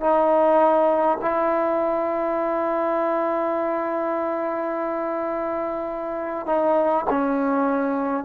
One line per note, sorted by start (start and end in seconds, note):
0.00 1.18 D#4
1.21 6.46 E4
6.46 7.05 D#4
7.10 8.25 C#4